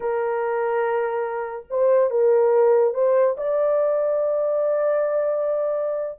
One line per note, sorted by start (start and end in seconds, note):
0.00 1.65 A#4
1.70 2.10 C5
2.10 2.94 A#4
2.94 3.36 C5
3.37 6.19 D5